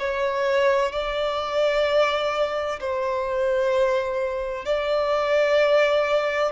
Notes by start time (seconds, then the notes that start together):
0.00 C#5
0.92 D5
2.81 C5
4.66 D5